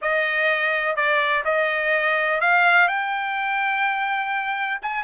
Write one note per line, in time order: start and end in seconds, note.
0.01 0.95 D#5
0.95 1.43 D5
1.44 2.40 D#5
2.40 2.88 F5
2.88 4.80 G5
4.82 5.03 G#5